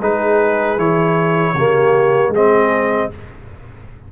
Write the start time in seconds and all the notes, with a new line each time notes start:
0.00 G#3 D#4 G#4 B4
0.77 E3 E4 C#5
1.54 C#3 A#3 G4
2.29 G#3 C4 G#4
2.35 D#5